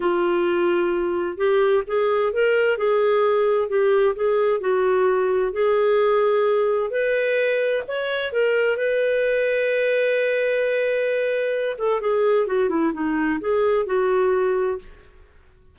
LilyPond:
\new Staff \with { instrumentName = "clarinet" } { \time 4/4 \tempo 4 = 130 f'2. g'4 | gis'4 ais'4 gis'2 | g'4 gis'4 fis'2 | gis'2. b'4~ |
b'4 cis''4 ais'4 b'4~ | b'1~ | b'4. a'8 gis'4 fis'8 e'8 | dis'4 gis'4 fis'2 | }